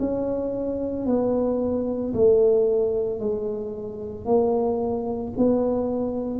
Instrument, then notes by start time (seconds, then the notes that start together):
tuba
0.00 C#4
1.06 B3
2.14 A3
3.20 G#3
4.26 A#3
5.38 B3